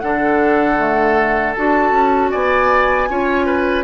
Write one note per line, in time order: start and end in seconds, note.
0.00 1.57 D3
0.00 0.78 D4
0.00 2.32 A4
0.00 1.54 F#5
0.78 1.55 A3
1.54 1.92 D4
1.54 3.10 F#4
1.54 2.31 A5
1.92 2.30 C#4
2.32 3.10 B3
2.32 3.09 D5
2.32 3.85 G#5
3.10 3.85 C#4
3.10 3.85 F4
3.10 3.46 C#5
3.46 3.85 B4